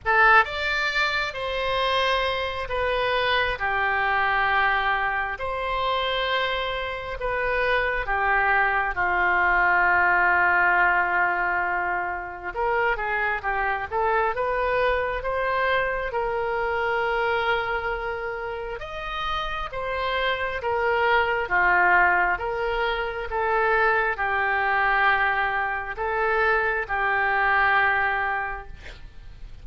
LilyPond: \new Staff \with { instrumentName = "oboe" } { \time 4/4 \tempo 4 = 67 a'8 d''4 c''4. b'4 | g'2 c''2 | b'4 g'4 f'2~ | f'2 ais'8 gis'8 g'8 a'8 |
b'4 c''4 ais'2~ | ais'4 dis''4 c''4 ais'4 | f'4 ais'4 a'4 g'4~ | g'4 a'4 g'2 | }